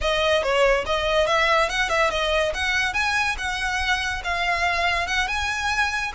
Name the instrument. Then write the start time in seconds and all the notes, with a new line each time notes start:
violin
0.01 D#5
0.42 C#5
0.85 D#5
1.27 E5
1.69 F#5
1.89 E5
2.10 D#5
2.54 F#5
2.93 G#5
3.38 F#5
4.24 F5
5.07 F#5
5.27 G#5